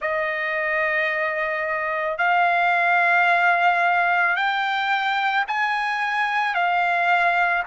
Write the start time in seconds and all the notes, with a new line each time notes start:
0.00 D#5
2.18 F5
4.35 G5
5.47 G#5
6.54 F5